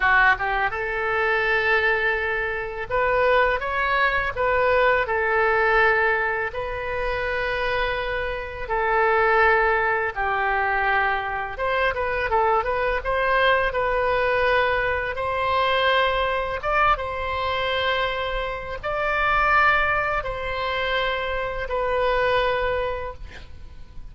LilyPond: \new Staff \with { instrumentName = "oboe" } { \time 4/4 \tempo 4 = 83 fis'8 g'8 a'2. | b'4 cis''4 b'4 a'4~ | a'4 b'2. | a'2 g'2 |
c''8 b'8 a'8 b'8 c''4 b'4~ | b'4 c''2 d''8 c''8~ | c''2 d''2 | c''2 b'2 | }